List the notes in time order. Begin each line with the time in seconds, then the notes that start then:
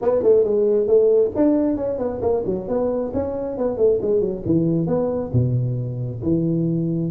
0.01 B3
0.22 A3
0.44 G#3
0.87 A3
1.35 D4
1.76 C#4
1.98 B3
2.21 A#3
2.45 F#3
2.68 B3
3.13 C#4
3.57 B3
3.77 A3
4.01 G#3
4.20 F#3
4.45 E3
4.86 B3
5.33 B2
6.22 E3